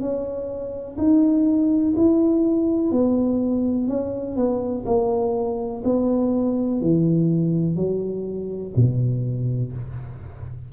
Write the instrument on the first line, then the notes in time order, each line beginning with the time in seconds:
tuba
0.00 C#4
0.98 D#4
1.96 E4
2.91 B3
3.88 C#4
4.36 B3
4.86 A#3
5.84 B3
6.81 E3
7.76 F#3
8.76 B2